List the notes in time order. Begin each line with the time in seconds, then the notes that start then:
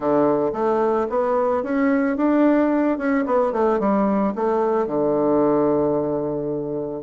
0.00 D3
0.53 A3
1.09 B3
1.63 C#4
2.16 D4
2.98 C#4
3.26 B3
3.52 A3
3.79 G3
4.35 A3
4.86 D3